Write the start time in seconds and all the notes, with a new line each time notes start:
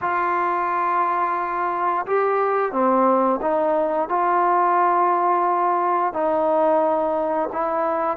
0.01 F4
2.06 G4
2.71 C4
3.41 D#4
4.08 F4
6.13 D#4
7.52 E4